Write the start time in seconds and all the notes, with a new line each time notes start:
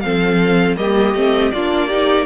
0.00 F3 C4 A4 F5
0.76 G3 A#3 G4 D#5
1.14 A3 C4
1.51 A#3 D4 F4 D5
1.87 D#4 G4